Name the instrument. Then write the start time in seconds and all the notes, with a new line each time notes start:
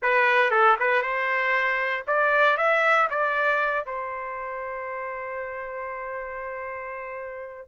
trumpet
0.02 B4
0.51 A4
0.79 B4
1.01 C5
2.07 D5
2.57 E5
3.10 D5
3.85 C5